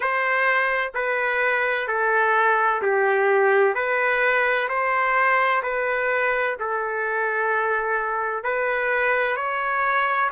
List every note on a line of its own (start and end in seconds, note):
0.00 0.92 C5
0.94 1.87 B4
1.87 2.81 A4
2.81 3.75 G4
3.75 4.68 B4
4.68 5.62 C5
5.62 6.56 B4
6.59 8.43 A4
8.43 9.36 B4
9.36 10.30 C#5